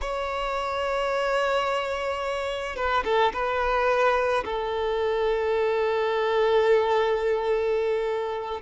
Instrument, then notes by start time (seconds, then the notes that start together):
violin
0.01 C#5
2.75 B4
3.04 A4
3.33 B4
4.44 A4